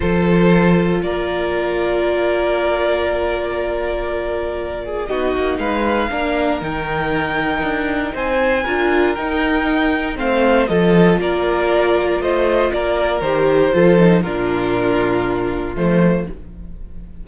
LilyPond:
<<
  \new Staff \with { instrumentName = "violin" } { \time 4/4 \tempo 4 = 118 c''2 d''2~ | d''1~ | d''2 dis''4 f''4~ | f''4 g''2. |
gis''2 g''2 | f''4 dis''4 d''2 | dis''4 d''4 c''2 | ais'2. c''4 | }
  \new Staff \with { instrumentName = "violin" } { \time 4/4 a'2 ais'2~ | ais'1~ | ais'4. gis'8 fis'4 b'4 | ais'1 |
c''4 ais'2. | c''4 a'4 ais'2 | c''4 ais'2 a'4 | f'1 | }
  \new Staff \with { instrumentName = "viola" } { \time 4/4 f'1~ | f'1~ | f'2 dis'2 | d'4 dis'2.~ |
dis'4 f'4 dis'2 | c'4 f'2.~ | f'2 g'4 f'8 dis'8 | d'2. a4 | }
  \new Staff \with { instrumentName = "cello" } { \time 4/4 f2 ais2~ | ais1~ | ais2 b8 ais8 gis4 | ais4 dis2 d'4 |
c'4 d'4 dis'2 | a4 f4 ais2 | a4 ais4 dis4 f4 | ais,2. f4 | }
>>